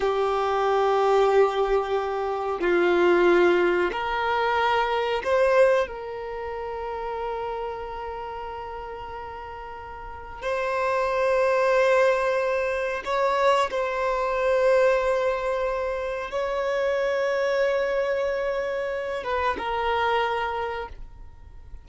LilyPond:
\new Staff \with { instrumentName = "violin" } { \time 4/4 \tempo 4 = 92 g'1 | f'2 ais'2 | c''4 ais'2.~ | ais'1 |
c''1 | cis''4 c''2.~ | c''4 cis''2.~ | cis''4. b'8 ais'2 | }